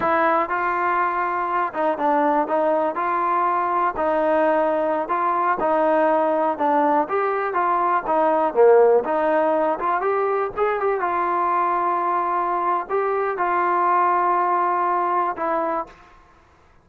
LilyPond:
\new Staff \with { instrumentName = "trombone" } { \time 4/4 \tempo 4 = 121 e'4 f'2~ f'8 dis'8 | d'4 dis'4 f'2 | dis'2~ dis'16 f'4 dis'8.~ | dis'4~ dis'16 d'4 g'4 f'8.~ |
f'16 dis'4 ais4 dis'4. f'16~ | f'16 g'4 gis'8 g'8 f'4.~ f'16~ | f'2 g'4 f'4~ | f'2. e'4 | }